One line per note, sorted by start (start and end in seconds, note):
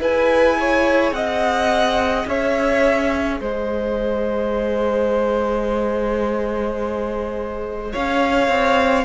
0.00 1.12 E4
0.00 9.05 G#4
0.00 0.58 B4
0.00 1.13 G#5
0.60 1.16 C#5
1.12 2.25 C4
1.12 2.29 D#5
1.12 2.26 F#5
2.27 3.40 C#4
2.27 3.41 C#5
2.27 3.42 E5
3.41 7.94 G#3
3.41 7.92 C5
3.41 7.94 D#5
7.92 8.49 C#4
7.92 9.05 C#5
7.92 9.05 F5
8.49 9.05 C4